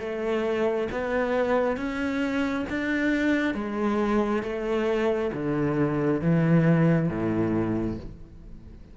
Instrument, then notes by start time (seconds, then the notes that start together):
cello
0.00 A3
0.92 B3
1.77 C#4
2.70 D4
3.55 G#3
4.43 A3
5.33 D3
6.22 E3
7.09 A2